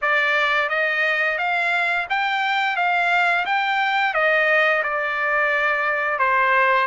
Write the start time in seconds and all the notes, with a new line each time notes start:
0.01 D5
0.69 D#5
1.38 F5
2.09 G5
2.76 F5
3.45 G5
4.13 D#5
4.83 D5
6.18 C5